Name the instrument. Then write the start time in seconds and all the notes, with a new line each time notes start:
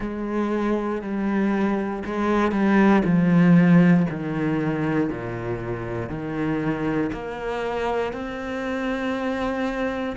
cello
0.00 G#3
1.01 G3
2.05 G#3
2.51 G3
3.04 F3
4.10 D#3
5.09 A#2
6.09 D#3
7.12 A#3
8.12 C4